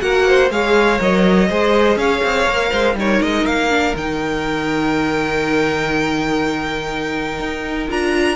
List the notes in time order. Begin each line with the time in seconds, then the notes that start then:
0.00 A#3 F#4 A#4 F#5
0.28 C5
0.50 G#3 G#4 C#5 F5
0.99 F#3 A#4 D#5
1.49 G#3 G#4 C5
1.96 C#4 C#5 F5
2.23 C4
2.46 A#3 A#4
2.71 G#3 C5
2.95 G3 D#4 A#4 C#5
3.22 G#3 D#5
3.45 A#3 F5
3.70 D4
3.95 D#3 D#4 G5
7.39 D#4
7.89 D4 F4 A#5